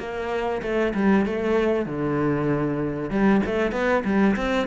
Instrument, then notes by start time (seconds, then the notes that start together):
cello
0.00 A#3
0.62 A3
0.95 G3
1.26 A3
1.86 D3
3.11 G3
3.46 A3
3.72 B3
4.05 G3
4.36 C4